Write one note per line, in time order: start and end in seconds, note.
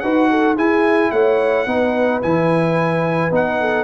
0.00 0.58 D#4
0.00 0.57 F#4
0.00 0.30 B4
0.00 0.55 F#5
0.30 0.56 A4
0.56 1.67 E4
0.56 1.12 E4
0.56 1.11 G#4
0.56 1.11 G#5
1.11 1.66 A3
1.11 1.67 C#5
1.11 2.21 F#5
1.66 2.21 B3
1.66 2.22 D#4
1.66 3.60 B4
2.22 3.31 E3
2.22 3.31 E4
2.22 3.32 G#5
3.31 3.84 B3
3.31 3.84 D#4
3.31 3.84 F#5
3.60 3.84 A4